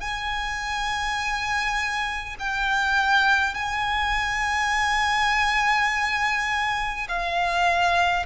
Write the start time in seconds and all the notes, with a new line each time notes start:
0.00 G#5
2.39 G5
3.55 G#5
7.09 F5